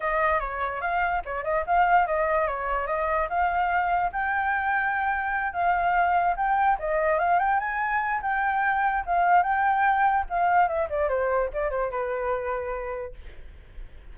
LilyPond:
\new Staff \with { instrumentName = "flute" } { \time 4/4 \tempo 4 = 146 dis''4 cis''4 f''4 cis''8 dis''8 | f''4 dis''4 cis''4 dis''4 | f''2 g''2~ | g''4. f''2 g''8~ |
g''8 dis''4 f''8 g''8 gis''4. | g''2 f''4 g''4~ | g''4 f''4 e''8 d''8 c''4 | d''8 c''8 b'2. | }